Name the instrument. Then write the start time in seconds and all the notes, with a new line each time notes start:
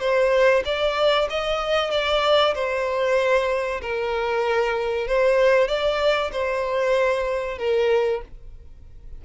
violin
0.00 C5
0.65 D5
1.30 D#5
1.91 D5
2.55 C5
3.82 A#4
5.08 C5
5.68 D5
6.32 C5
7.58 A#4